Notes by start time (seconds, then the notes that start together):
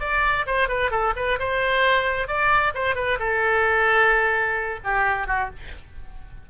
0.00 D5
0.47 C5
0.68 B4
0.91 A4
1.16 B4
1.39 C5
2.28 D5
2.75 C5
2.96 B4
3.19 A4
4.84 G4
5.27 F#4